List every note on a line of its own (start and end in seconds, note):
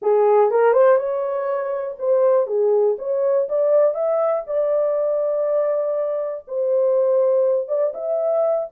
0.01 0.50 G#4
0.50 0.72 A#4
0.72 0.97 C5
0.97 1.96 C#5
1.98 2.47 C5
2.47 2.96 G#4
2.98 3.48 C#5
3.48 3.94 D5
3.94 4.43 E5
4.47 6.45 D5
6.47 7.68 C5
7.68 7.92 D5
7.93 8.68 E5